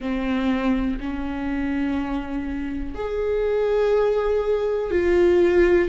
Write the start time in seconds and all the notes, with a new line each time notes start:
0.00 C4
1.00 C#4
2.95 G#4
4.90 F4